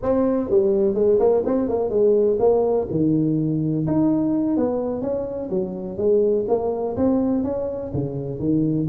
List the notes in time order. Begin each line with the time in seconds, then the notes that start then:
0.02 C4
0.50 G3
0.94 G#3
1.19 A#3
1.45 C4
1.68 A#3
1.89 G#3
2.39 A#3
2.90 D#3
3.86 D#4
4.56 B3
5.01 C#4
5.49 F#3
5.97 G#3
6.48 A#3
6.96 C4
7.43 C#4
7.93 C#3
8.39 D#3